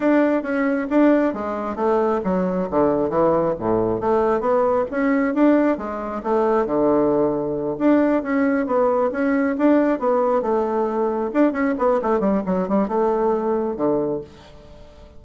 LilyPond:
\new Staff \with { instrumentName = "bassoon" } { \time 4/4 \tempo 4 = 135 d'4 cis'4 d'4 gis4 | a4 fis4 d4 e4 | a,4 a4 b4 cis'4 | d'4 gis4 a4 d4~ |
d4. d'4 cis'4 b8~ | b8 cis'4 d'4 b4 a8~ | a4. d'8 cis'8 b8 a8 g8 | fis8 g8 a2 d4 | }